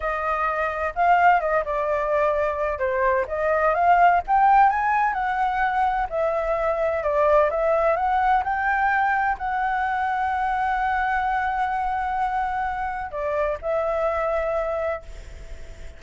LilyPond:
\new Staff \with { instrumentName = "flute" } { \time 4/4 \tempo 4 = 128 dis''2 f''4 dis''8 d''8~ | d''2 c''4 dis''4 | f''4 g''4 gis''4 fis''4~ | fis''4 e''2 d''4 |
e''4 fis''4 g''2 | fis''1~ | fis''1 | d''4 e''2. | }